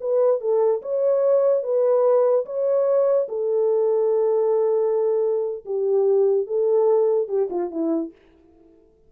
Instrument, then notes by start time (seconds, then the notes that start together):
horn
0.00 B4
0.40 A4
0.82 C#5
1.63 B4
2.45 C#5
3.28 A4
5.65 G4
6.47 A4
7.28 G4
7.50 F4
7.70 E4